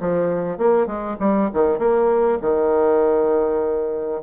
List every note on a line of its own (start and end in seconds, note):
0.00 0.58 F3
0.58 0.86 A#3
0.86 1.16 G#3
1.20 1.50 G3
1.53 1.78 D#3
1.78 2.38 A#3
2.41 4.21 D#3